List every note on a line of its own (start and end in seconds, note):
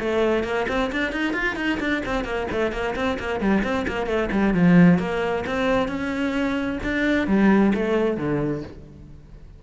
0.00 0.44 A3
0.44 0.67 A#3
0.69 0.92 C4
0.93 1.13 D4
1.13 1.34 D#4
1.34 1.56 F4
1.57 1.79 D#4
1.80 2.03 D4
2.06 2.25 C4
2.25 2.48 A#3
2.52 2.73 A3
2.73 2.95 A#3
2.96 3.19 C4
3.20 3.41 A#3
3.41 3.63 G3
3.64 3.87 C4
3.88 4.07 A#3
4.07 4.30 A3
4.32 4.55 G3
4.55 4.99 F3
4.99 5.45 A#3
5.47 5.88 C4
5.88 6.79 C#4
6.83 7.28 D4
7.28 7.73 G3
7.75 8.18 A3
8.18 8.63 D3